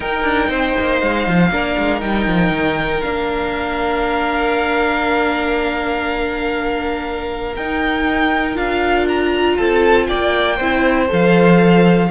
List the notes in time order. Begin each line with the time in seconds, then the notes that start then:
0.00 D#4 A#4 G5
0.23 D4
0.48 C4 C5
0.79 A#3
1.00 G#3 F5
1.27 F3
1.50 A#3 D4 A#4
1.78 G#3
2.00 G3 D#4 G5
2.26 F3
2.50 D#3
3.01 A#3 D4 F5
7.55 D#4 G5
8.54 D4 F4 F5
9.08 A#5
9.56 C4 A4 A5
10.06 A#3 D5 G5
10.56 C4 E4 C5
11.08 F3 A4 F5